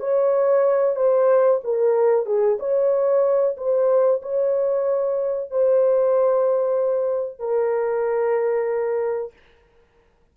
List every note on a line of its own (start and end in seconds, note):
0.00 0.96 C#5
0.96 1.61 C5
1.64 2.26 A#4
2.26 2.58 G#4
2.60 3.57 C#5
3.57 4.22 C5
4.22 5.51 C#5
5.51 7.39 C5
7.39 9.33 A#4